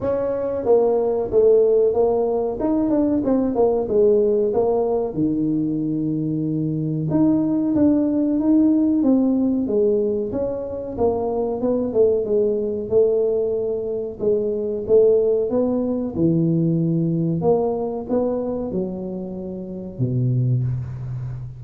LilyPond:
\new Staff \with { instrumentName = "tuba" } { \time 4/4 \tempo 4 = 93 cis'4 ais4 a4 ais4 | dis'8 d'8 c'8 ais8 gis4 ais4 | dis2. dis'4 | d'4 dis'4 c'4 gis4 |
cis'4 ais4 b8 a8 gis4 | a2 gis4 a4 | b4 e2 ais4 | b4 fis2 b,4 | }